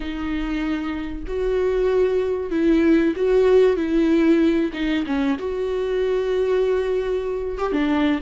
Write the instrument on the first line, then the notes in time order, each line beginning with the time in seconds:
viola
0.00 D#4
1.27 F#4
2.51 E4
3.16 F#4
3.76 E4
4.73 D#4
5.06 C#4
5.38 F#4
7.58 G4
7.72 D4